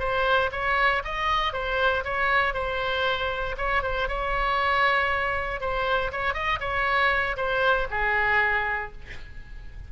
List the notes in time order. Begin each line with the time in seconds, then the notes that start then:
0.00 C5
0.52 C#5
1.04 D#5
1.53 C5
2.05 C#5
2.54 C5
3.58 C#5
3.83 C5
4.09 C#5
5.61 C5
6.12 C#5
6.34 D#5
6.61 C#5
7.37 C5
7.91 G#4